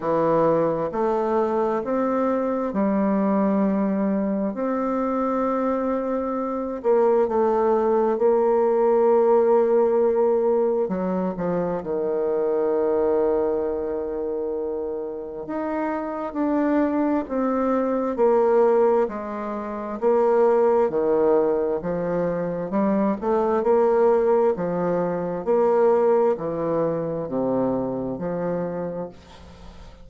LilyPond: \new Staff \with { instrumentName = "bassoon" } { \time 4/4 \tempo 4 = 66 e4 a4 c'4 g4~ | g4 c'2~ c'8 ais8 | a4 ais2. | fis8 f8 dis2.~ |
dis4 dis'4 d'4 c'4 | ais4 gis4 ais4 dis4 | f4 g8 a8 ais4 f4 | ais4 e4 c4 f4 | }